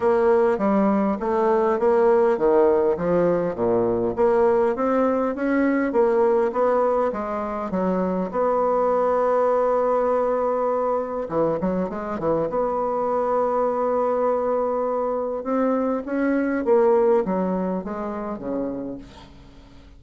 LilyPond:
\new Staff \with { instrumentName = "bassoon" } { \time 4/4 \tempo 4 = 101 ais4 g4 a4 ais4 | dis4 f4 ais,4 ais4 | c'4 cis'4 ais4 b4 | gis4 fis4 b2~ |
b2. e8 fis8 | gis8 e8 b2.~ | b2 c'4 cis'4 | ais4 fis4 gis4 cis4 | }